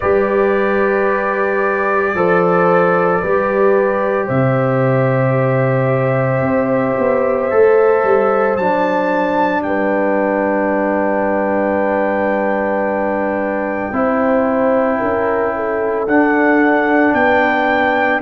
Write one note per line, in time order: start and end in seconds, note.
0.00 2.14 G3
0.00 2.15 G4
0.00 2.13 B4
0.00 4.27 D5
2.14 3.21 F3
2.14 3.23 A4
2.14 3.21 C5
3.21 4.29 G3
3.21 7.51 G4
3.21 4.26 B4
4.26 6.41 C3
4.26 9.62 C5
4.26 8.56 E5
6.41 6.94 C4
6.98 7.51 B3
7.51 8.04 A3
7.51 8.58 A4
8.04 8.57 G3
8.56 9.63 F#3
8.56 13.93 D4
8.56 9.62 A5
9.62 13.92 G3
9.62 13.94 B4
9.62 16.05 G5
13.92 14.99 C4
13.92 16.07 E4
13.92 14.99 C5
14.99 16.07 C#4
14.99 15.53 A#4
15.55 17.16 A4
16.07 17.13 D4
16.07 18.21 D4
16.07 17.14 F#5
17.13 18.21 B3
17.13 18.21 B4
17.13 18.21 G5